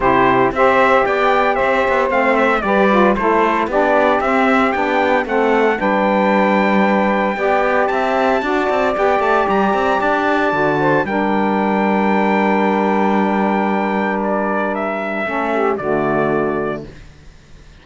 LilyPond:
<<
  \new Staff \with { instrumentName = "trumpet" } { \time 4/4 \tempo 4 = 114 c''4 e''4 g''4 e''4 | f''8 e''8 d''4 c''4 d''4 | e''4 g''4 fis''4 g''4~ | g''2. a''4~ |
a''4 g''8 a''8 ais''4 a''4~ | a''4 g''2.~ | g''2. d''4 | e''2 d''2 | }
  \new Staff \with { instrumentName = "saxophone" } { \time 4/4 g'4 c''4 d''4 c''4~ | c''4 b'4 a'4 g'4~ | g'2 a'4 b'4~ | b'2 d''4 e''4 |
d''1~ | d''8 c''8 ais'2.~ | ais'1~ | ais'4 a'8 g'8 fis'2 | }
  \new Staff \with { instrumentName = "saxophone" } { \time 4/4 e'4 g'2. | c'4 g'8 f'8 e'4 d'4 | c'4 d'4 c'4 d'4~ | d'2 g'2 |
fis'4 g'2. | fis'4 d'2.~ | d'1~ | d'4 cis'4 a2 | }
  \new Staff \with { instrumentName = "cello" } { \time 4/4 c4 c'4 b4 c'8 b8 | a4 g4 a4 b4 | c'4 b4 a4 g4~ | g2 b4 c'4 |
d'8 c'8 b8 a8 g8 c'8 d'4 | d4 g2.~ | g1~ | g4 a4 d2 | }
>>